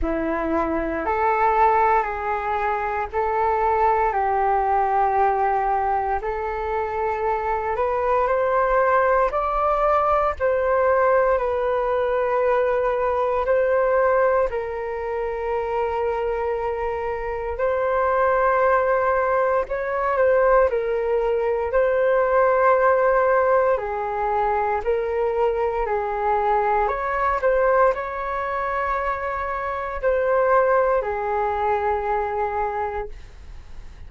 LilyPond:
\new Staff \with { instrumentName = "flute" } { \time 4/4 \tempo 4 = 58 e'4 a'4 gis'4 a'4 | g'2 a'4. b'8 | c''4 d''4 c''4 b'4~ | b'4 c''4 ais'2~ |
ais'4 c''2 cis''8 c''8 | ais'4 c''2 gis'4 | ais'4 gis'4 cis''8 c''8 cis''4~ | cis''4 c''4 gis'2 | }